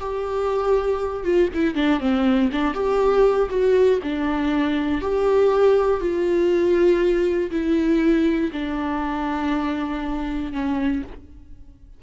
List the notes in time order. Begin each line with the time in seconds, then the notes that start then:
0.00 G4
1.24 F4
1.54 E4
1.75 D4
2.00 C4
2.52 D4
2.74 G4
3.49 F#4
4.03 D4
5.01 G4
6.00 F4
7.51 E4
8.52 D4
10.52 C#4